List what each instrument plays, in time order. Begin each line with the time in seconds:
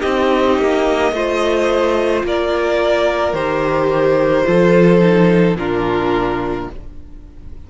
0.00 cello C4, viola D#4, violin G4 D#5
0.58 cello A#3
1.12 cello A3, viola F4, violin C5
2.23 cello A#3, violin A#4 D5
3.33 cello D#3, viola G4, violin C5
4.45 cello F3, viola F4, violin A4
5.00 viola D#4
5.55 cello A#2, viola D4, violin F4 A#4